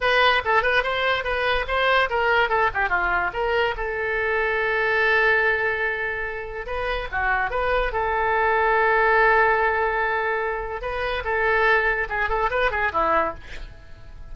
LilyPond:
\new Staff \with { instrumentName = "oboe" } { \time 4/4 \tempo 4 = 144 b'4 a'8 b'8 c''4 b'4 | c''4 ais'4 a'8 g'8 f'4 | ais'4 a'2.~ | a'1 |
b'4 fis'4 b'4 a'4~ | a'1~ | a'2 b'4 a'4~ | a'4 gis'8 a'8 b'8 gis'8 e'4 | }